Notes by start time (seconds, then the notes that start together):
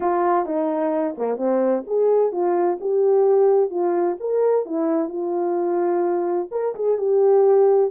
0.00 F4
0.45 D#4
1.17 A#3
1.37 C4
1.86 G#4
2.32 F4
2.80 G4
3.70 F4
4.20 A#4
4.65 E4
5.08 F4
6.51 A#4
6.75 G#4
6.97 G4